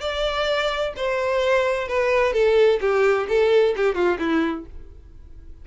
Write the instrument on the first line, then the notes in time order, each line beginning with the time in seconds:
violin
0.00 D5
0.96 C5
1.88 B4
2.33 A4
2.80 G4
3.28 A4
3.76 G4
3.94 F4
4.19 E4